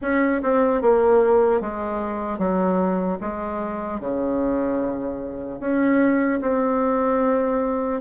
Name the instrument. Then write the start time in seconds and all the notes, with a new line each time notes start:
bassoon
0.01 C#4
0.42 C4
0.81 A#3
1.60 G#3
2.38 F#3
3.20 G#3
4.00 C#3
5.60 C#4
6.41 C4